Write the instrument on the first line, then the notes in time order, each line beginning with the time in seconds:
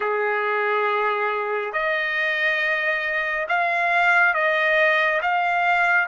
trumpet
0.00 G#4
1.72 D#5
3.48 F5
4.34 D#5
5.22 F5